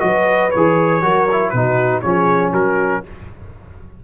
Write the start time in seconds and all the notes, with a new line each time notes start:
0.00 F#3 F#4 B4 D#5
0.51 E3 G#4 C#5
1.03 F#3 F#4 A#4
1.32 E4
1.50 B2 D#4 F#4 B4
2.02 F3 C#4 G#4 C#5
2.52 F#3 F#4 A#4